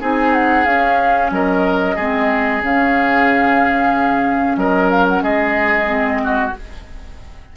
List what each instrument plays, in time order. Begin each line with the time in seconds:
0.00 bassoon C4, clarinet D#4, oboe G#4, flute G#5
0.33 flute F#5
0.65 bassoon C#4, clarinet C#4, flute F5
1.31 bassoon F#3, oboe A#4, flute D#5
1.95 bassoon G#3, clarinet C4, oboe G#4
2.61 bassoon C#3, clarinet C#4, flute F5
4.56 bassoon F#3, oboe A#4, flute D#5
4.90 flute F5
5.08 flute F#5
5.22 bassoon G#3, oboe G#4, flute D#5
5.86 clarinet C4
6.24 oboe F#4